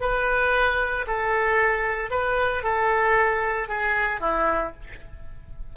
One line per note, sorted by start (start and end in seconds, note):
0.00 1.05 B4
1.07 2.10 A4
2.10 2.63 B4
2.63 3.68 A4
3.68 4.20 G#4
4.20 4.73 E4